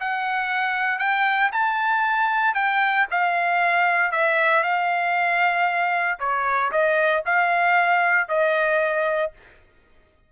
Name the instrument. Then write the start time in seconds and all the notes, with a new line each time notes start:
trumpet
0.00 F#5
0.99 G5
1.52 A5
2.55 G5
3.11 F5
4.12 E5
4.63 F5
6.19 C#5
6.72 D#5
7.26 F5
8.29 D#5